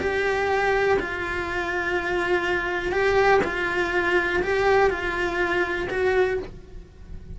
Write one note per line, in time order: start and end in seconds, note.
0.00 0.98 G4
0.99 2.93 F4
2.93 3.42 G4
3.44 4.43 F4
4.43 4.90 G4
4.90 5.89 F4
5.90 6.40 F#4